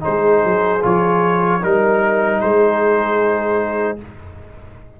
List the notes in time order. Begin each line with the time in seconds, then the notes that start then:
0.00 D#4 G#4 C5
0.07 G#3
0.44 F#3
0.82 F3 F4 C#5
1.61 G3 D#4 A#4
2.40 G#3 G#4 C5